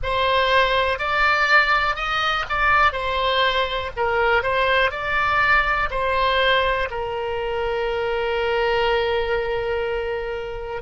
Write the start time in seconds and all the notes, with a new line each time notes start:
0.02 C5
0.98 D5
1.95 D#5
2.49 D5
2.92 C5
3.96 A#4
4.42 C5
4.90 D5
5.90 C5
6.90 A#4